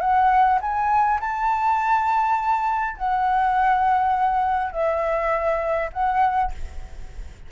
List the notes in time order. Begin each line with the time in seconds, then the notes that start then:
0.00 F#5
0.61 G#5
1.20 A5
2.97 F#5
4.72 E5
5.93 F#5